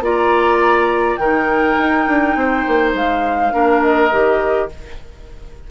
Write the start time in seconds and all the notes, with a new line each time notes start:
0.00 A#3 F4 D5 A#5
1.17 D#3 D#4 A#4 G5
1.77 D#4
2.07 D4
2.35 C4 C5
2.67 A#3
2.94 G#3 F5
3.52 A#3 D4 A#4
3.81 D#5
4.11 D#3 G4